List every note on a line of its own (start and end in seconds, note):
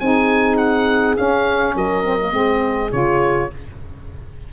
0.00 1.18 C4
0.00 1.17 D#4
0.00 1.76 G#4
0.00 0.58 G#5
0.58 1.16 F#5
1.17 2.04 C#4
1.17 1.76 C#4
1.17 1.75 F5
1.76 2.33 F#3
1.76 2.34 A#4
1.76 2.92 D#5
2.04 2.18 C4
2.21 2.32 A#3
2.32 2.92 G#3
2.32 2.90 C4
2.32 3.53 G#4
2.92 3.51 C#3
2.92 3.50 F4
2.92 3.50 C#5